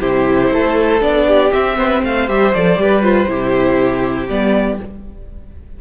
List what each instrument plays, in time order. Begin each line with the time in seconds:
0.00 cello C3, viola E4, violin G4 C5
0.51 cello A3, violin A4
1.01 cello B3, viola D4, violin D5
1.27 violin G4
1.52 viola C4, cello C4, violin E5
1.77 cello B3, violin C5
1.88 violin B4
2.04 cello A3, violin C5 F5
2.28 cello G3, viola G4, violin E5
2.54 cello F3, viola A4, violin D5
2.77 cello G3, viola G4, violin B4
3.02 viola F4, violin C5
3.28 cello C3, viola E4, violin G4
4.29 cello G3, viola B3, violin D5